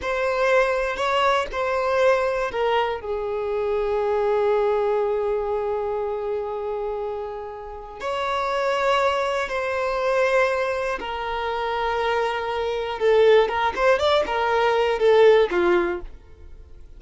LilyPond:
\new Staff \with { instrumentName = "violin" } { \time 4/4 \tempo 4 = 120 c''2 cis''4 c''4~ | c''4 ais'4 gis'2~ | gis'1~ | gis'1 |
cis''2. c''4~ | c''2 ais'2~ | ais'2 a'4 ais'8 c''8 | d''8 ais'4. a'4 f'4 | }